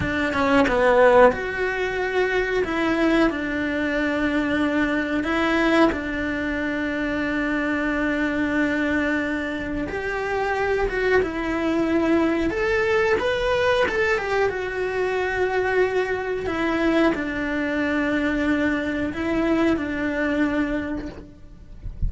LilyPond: \new Staff \with { instrumentName = "cello" } { \time 4/4 \tempo 4 = 91 d'8 cis'8 b4 fis'2 | e'4 d'2. | e'4 d'2.~ | d'2. g'4~ |
g'8 fis'8 e'2 a'4 | b'4 a'8 g'8 fis'2~ | fis'4 e'4 d'2~ | d'4 e'4 d'2 | }